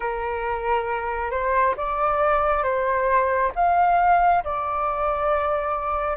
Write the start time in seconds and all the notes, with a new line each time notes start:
0.00 A#4
1.30 C5
1.76 D5
2.63 C5
3.55 F5
4.44 D5